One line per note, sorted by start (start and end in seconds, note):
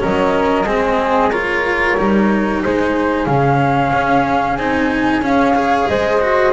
0.00 0.65 F#3
0.00 0.65 C#4
0.00 0.66 A#4
0.00 1.32 D#5
0.65 1.95 G#3
0.65 1.32 C4
0.65 1.31 G#4
1.31 1.98 F4
1.31 2.61 A#4
1.31 2.62 C#5
1.98 2.64 G3
1.98 3.28 D#4
2.63 3.27 G#3
2.63 5.56 G#4
2.63 3.26 C5
3.26 3.92 C#3
3.26 4.59 C#4
3.26 4.57 F5
3.93 4.57 C#4
4.57 5.21 C4
4.57 5.23 D#4
4.57 5.22 G#5
5.21 5.87 C#4
5.21 5.55 C#4
5.21 5.88 F5
5.56 6.21 G#4
5.56 5.89 C#5
5.88 6.54 G#3
5.88 6.54 C5
5.88 6.54 D#5
6.21 6.54 F#4